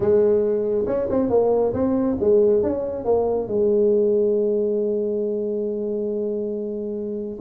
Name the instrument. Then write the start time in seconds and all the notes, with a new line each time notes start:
tuba
0.00 G#3
0.86 C#4
1.09 C4
1.29 A#3
1.73 C4
2.20 G#3
2.63 C#4
3.05 A#3
3.47 G#3